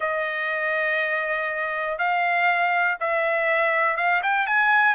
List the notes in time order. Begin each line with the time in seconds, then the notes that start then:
0.00 D#5
1.98 F5
3.00 E5
3.96 F5
4.22 G5
4.47 G#5